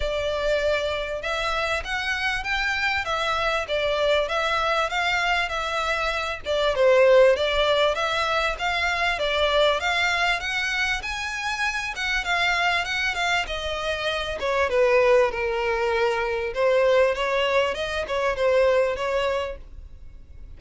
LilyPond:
\new Staff \with { instrumentName = "violin" } { \time 4/4 \tempo 4 = 98 d''2 e''4 fis''4 | g''4 e''4 d''4 e''4 | f''4 e''4. d''8 c''4 | d''4 e''4 f''4 d''4 |
f''4 fis''4 gis''4. fis''8 | f''4 fis''8 f''8 dis''4. cis''8 | b'4 ais'2 c''4 | cis''4 dis''8 cis''8 c''4 cis''4 | }